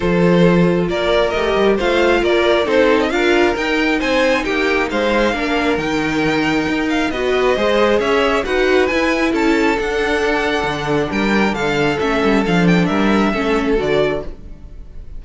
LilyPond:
<<
  \new Staff \with { instrumentName = "violin" } { \time 4/4 \tempo 4 = 135 c''2 d''4 dis''4 | f''4 d''4 c''8. dis''16 f''4 | g''4 gis''4 g''4 f''4~ | f''4 g''2~ g''8 f''8 |
dis''2 e''4 fis''4 | gis''4 a''4 fis''2~ | fis''4 g''4 f''4 e''4 | f''8 g''8 e''2 d''4 | }
  \new Staff \with { instrumentName = "violin" } { \time 4/4 a'2 ais'2 | c''4 ais'4 a'4 ais'4~ | ais'4 c''4 g'4 c''4 | ais'1 |
b'4 c''4 cis''4 b'4~ | b'4 a'2.~ | a'4 ais'4 a'2~ | a'4 ais'4 a'2 | }
  \new Staff \with { instrumentName = "viola" } { \time 4/4 f'2. g'4 | f'2 dis'4 f'4 | dis'1 | d'4 dis'2. |
fis'4 gis'2 fis'4 | e'2 d'2~ | d'2. cis'4 | d'2 cis'4 fis'4 | }
  \new Staff \with { instrumentName = "cello" } { \time 4/4 f2 ais4 a8 g8 | a4 ais4 c'4 d'4 | dis'4 c'4 ais4 gis4 | ais4 dis2 dis'4 |
b4 gis4 cis'4 dis'4 | e'4 cis'4 d'2 | d4 g4 d4 a8 g8 | f4 g4 a4 d4 | }
>>